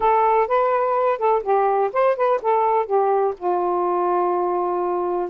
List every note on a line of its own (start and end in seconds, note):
0.00 0.47 A4
0.47 1.18 B4
1.18 1.42 A4
1.42 1.90 G4
1.92 2.16 C5
2.16 2.40 B4
2.42 2.86 A4
2.86 3.34 G4
3.37 5.29 F4